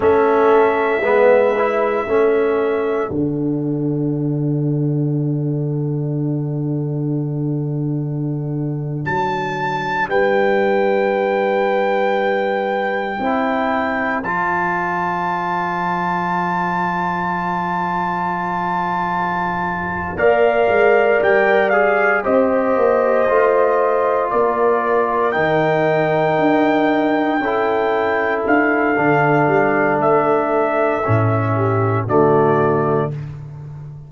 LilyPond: <<
  \new Staff \with { instrumentName = "trumpet" } { \time 4/4 \tempo 4 = 58 e''2. fis''4~ | fis''1~ | fis''8. a''4 g''2~ g''16~ | g''4.~ g''16 a''2~ a''16~ |
a''2.~ a''8 f''8~ | f''8 g''8 f''8 dis''2 d''8~ | d''8 g''2. f''8~ | f''4 e''2 d''4 | }
  \new Staff \with { instrumentName = "horn" } { \time 4/4 a'4 b'4 a'2~ | a'1~ | a'4.~ a'16 b'2~ b'16~ | b'8. c''2.~ c''16~ |
c''2.~ c''8 d''8~ | d''4. c''2 ais'8~ | ais'2~ ais'8 a'4.~ | a'2~ a'8 g'8 fis'4 | }
  \new Staff \with { instrumentName = "trombone" } { \time 4/4 cis'4 b8 e'8 cis'4 d'4~ | d'1~ | d'1~ | d'8. e'4 f'2~ f'16~ |
f'2.~ f'8 ais'8~ | ais'4 gis'8 g'4 f'4.~ | f'8 dis'2 e'4. | d'2 cis'4 a4 | }
  \new Staff \with { instrumentName = "tuba" } { \time 4/4 a4 gis4 a4 d4~ | d1~ | d8. fis4 g2~ g16~ | g8. c'4 f2~ f16~ |
f2.~ f8 ais8 | gis8 g4 c'8 ais8 a4 ais8~ | ais8 dis4 d'4 cis'4 d'8 | d8 g8 a4 a,4 d4 | }
>>